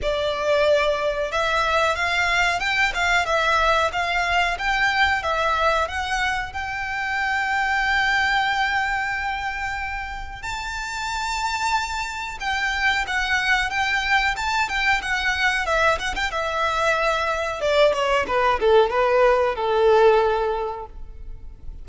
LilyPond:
\new Staff \with { instrumentName = "violin" } { \time 4/4 \tempo 4 = 92 d''2 e''4 f''4 | g''8 f''8 e''4 f''4 g''4 | e''4 fis''4 g''2~ | g''1 |
a''2. g''4 | fis''4 g''4 a''8 g''8 fis''4 | e''8 fis''16 g''16 e''2 d''8 cis''8 | b'8 a'8 b'4 a'2 | }